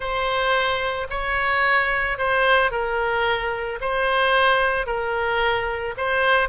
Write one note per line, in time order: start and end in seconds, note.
0.00 1.07 C5
1.10 2.17 C#5
2.17 2.71 C5
2.71 3.79 A#4
3.80 4.86 C5
4.86 5.94 A#4
5.97 6.49 C5